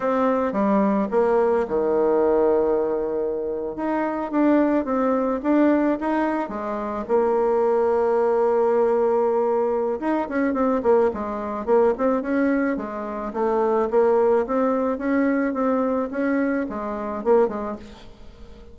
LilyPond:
\new Staff \with { instrumentName = "bassoon" } { \time 4/4 \tempo 4 = 108 c'4 g4 ais4 dis4~ | dis2~ dis8. dis'4 d'16~ | d'8. c'4 d'4 dis'4 gis16~ | gis8. ais2.~ ais16~ |
ais2 dis'8 cis'8 c'8 ais8 | gis4 ais8 c'8 cis'4 gis4 | a4 ais4 c'4 cis'4 | c'4 cis'4 gis4 ais8 gis8 | }